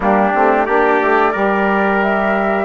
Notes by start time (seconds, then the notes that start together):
0.00 G3 A#3 D4 G4
0.32 A3 C4
0.65 A#3 D4 G4 D5
1.01 A3
1.31 G3 G4 A#4
2.02 E5